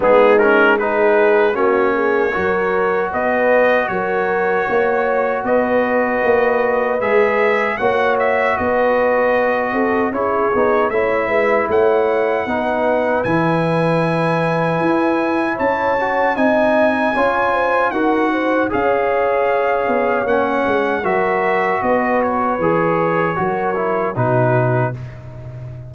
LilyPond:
<<
  \new Staff \with { instrumentName = "trumpet" } { \time 4/4 \tempo 4 = 77 gis'8 ais'8 b'4 cis''2 | dis''4 cis''2 dis''4~ | dis''4 e''4 fis''8 e''8 dis''4~ | dis''4 cis''4 e''4 fis''4~ |
fis''4 gis''2. | a''4 gis''2 fis''4 | f''2 fis''4 e''4 | dis''8 cis''2~ cis''8 b'4 | }
  \new Staff \with { instrumentName = "horn" } { \time 4/4 dis'4 gis'4 fis'8 gis'8 ais'4 | b'4 ais'4 cis''4 b'4~ | b'2 cis''4 b'4~ | b'8 a'8 gis'4 cis''8 b'8 cis''4 |
b'1 | cis''4 dis''4 cis''8 c''8 ais'8 c''8 | cis''2. ais'4 | b'2 ais'4 fis'4 | }
  \new Staff \with { instrumentName = "trombone" } { \time 4/4 b8 cis'8 dis'4 cis'4 fis'4~ | fis'1~ | fis'4 gis'4 fis'2~ | fis'4 e'8 dis'8 e'2 |
dis'4 e'2.~ | e'8 fis'8 dis'4 f'4 fis'4 | gis'2 cis'4 fis'4~ | fis'4 gis'4 fis'8 e'8 dis'4 | }
  \new Staff \with { instrumentName = "tuba" } { \time 4/4 gis2 ais4 fis4 | b4 fis4 ais4 b4 | ais4 gis4 ais4 b4~ | b8 c'8 cis'8 b8 a8 gis8 a4 |
b4 e2 e'4 | cis'4 c'4 cis'4 dis'4 | cis'4. b8 ais8 gis8 fis4 | b4 e4 fis4 b,4 | }
>>